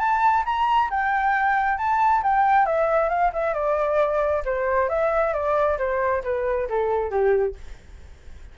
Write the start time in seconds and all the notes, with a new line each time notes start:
0.00 A5
0.46 A#5
0.91 G5
1.78 A5
2.24 G5
2.66 E5
3.09 F5
3.34 E5
3.55 D5
4.45 C5
4.89 E5
5.34 D5
5.79 C5
6.24 B4
6.70 A4
7.11 G4